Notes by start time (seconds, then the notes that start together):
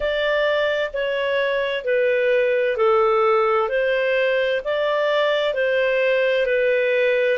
0.00 D5
0.93 C#5
1.84 B4
2.77 A4
3.68 C5
4.64 D5
5.54 C5
6.46 B4